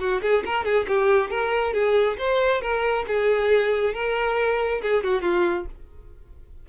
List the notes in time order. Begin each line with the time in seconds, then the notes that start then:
0.00 F#4
0.22 G#4
0.46 A#4
0.65 G#4
0.88 G4
1.31 A#4
1.74 G#4
2.19 C5
2.62 A#4
3.08 G#4
3.94 A#4
4.83 G#4
5.04 F#4
5.22 F4